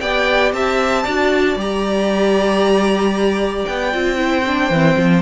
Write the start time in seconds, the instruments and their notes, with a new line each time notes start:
0.00 cello B3, viola G4, violin D5 G5
0.53 cello C4, violin E5 A5
1.03 cello D4, viola F#4, violin D5
1.56 cello G3, viola G4, violin A#5
3.66 cello B3, violin G5
3.92 cello C4, viola F4
4.17 viola E4, violin C5
4.46 viola D4
4.70 cello E3, viola C4
4.97 cello F3